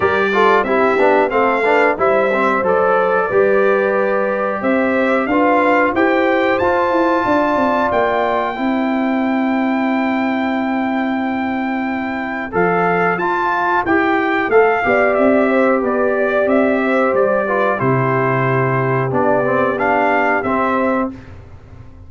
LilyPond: <<
  \new Staff \with { instrumentName = "trumpet" } { \time 4/4 \tempo 4 = 91 d''4 e''4 f''4 e''4 | d''2. e''4 | f''4 g''4 a''2 | g''1~ |
g''2. f''4 | a''4 g''4 f''4 e''4 | d''4 e''4 d''4 c''4~ | c''4 d''4 f''4 e''4 | }
  \new Staff \with { instrumentName = "horn" } { \time 4/4 ais'8 a'8 g'4 a'8 b'8 c''4~ | c''4 b'2 c''4 | b'4 c''2 d''4~ | d''4 c''2.~ |
c''1~ | c''2~ c''8 d''4 c''8 | b'8 d''4 c''4 b'8 g'4~ | g'1 | }
  \new Staff \with { instrumentName = "trombone" } { \time 4/4 g'8 f'8 e'8 d'8 c'8 d'8 e'8 c'8 | a'4 g'2. | f'4 g'4 f'2~ | f'4 e'2.~ |
e'2. a'4 | f'4 g'4 a'8 g'4.~ | g'2~ g'8 f'8 e'4~ | e'4 d'8 c'8 d'4 c'4 | }
  \new Staff \with { instrumentName = "tuba" } { \time 4/4 g4 c'8 b8 a4 g4 | fis4 g2 c'4 | d'4 e'4 f'8 e'8 d'8 c'8 | ais4 c'2.~ |
c'2. f4 | f'4 e'4 a8 b8 c'4 | b4 c'4 g4 c4~ | c4 b2 c'4 | }
>>